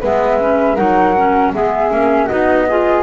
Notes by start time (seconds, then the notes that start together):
0.00 G#3 B3 B4 E5
0.40 C#4
0.75 F#3 D#4 A#4 F#5
1.17 C#4
1.54 G#3 B3 G#4 E5
1.91 A#3 C#4
2.25 B3 D#4 F#4 D#5
2.69 F4 G#4